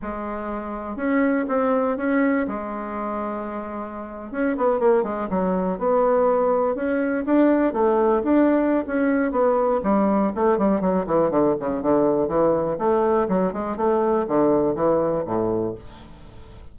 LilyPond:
\new Staff \with { instrumentName = "bassoon" } { \time 4/4 \tempo 4 = 122 gis2 cis'4 c'4 | cis'4 gis2.~ | gis8. cis'8 b8 ais8 gis8 fis4 b16~ | b4.~ b16 cis'4 d'4 a16~ |
a8. d'4~ d'16 cis'4 b4 | g4 a8 g8 fis8 e8 d8 cis8 | d4 e4 a4 fis8 gis8 | a4 d4 e4 a,4 | }